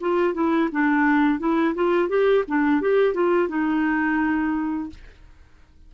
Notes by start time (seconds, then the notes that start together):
0.00 F4
0.33 E4
0.71 D4
1.39 E4
1.75 F4
2.09 G4
2.47 D4
2.81 G4
3.13 F4
3.48 D#4